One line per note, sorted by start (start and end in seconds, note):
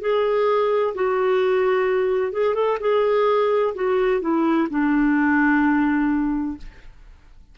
0.00 0.94 G#4
0.94 2.32 F#4
2.32 2.54 G#4
2.54 2.77 A4
2.80 3.74 G#4
3.74 4.21 F#4
4.21 4.67 E4
4.70 6.57 D4